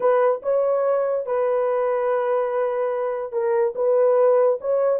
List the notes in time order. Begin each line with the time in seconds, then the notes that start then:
0.00 B4
0.42 C#5
1.26 B4
3.32 A#4
3.75 B4
4.61 C#5